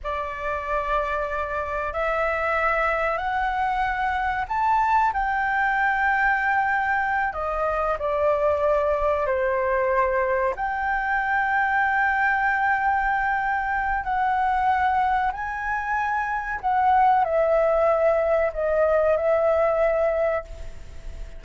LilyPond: \new Staff \with { instrumentName = "flute" } { \time 4/4 \tempo 4 = 94 d''2. e''4~ | e''4 fis''2 a''4 | g''2.~ g''8 dis''8~ | dis''8 d''2 c''4.~ |
c''8 g''2.~ g''8~ | g''2 fis''2 | gis''2 fis''4 e''4~ | e''4 dis''4 e''2 | }